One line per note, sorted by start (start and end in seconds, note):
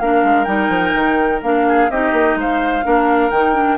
0.00 0.24 A#3
0.00 0.46 D4
0.00 1.68 A#4
0.00 0.45 F5
0.24 0.47 G#3
0.45 0.69 G3
0.45 1.41 D#4
0.45 1.40 G5
0.69 0.93 F3
0.95 1.42 D#3
1.42 1.90 A#3
1.42 1.91 D4
1.42 1.91 F5
1.68 1.91 G#4
1.90 2.12 C4
1.90 2.84 D#4
1.90 2.39 G4
1.90 2.38 D#5
2.12 2.36 A#3
2.36 2.83 G#3
2.36 2.85 C5
2.36 3.31 F5
2.84 3.31 A#3
2.84 3.31 D4
2.84 3.78 A#4
3.31 3.78 D#3
3.31 3.54 D#4
3.31 3.78 G5
3.54 3.78 D4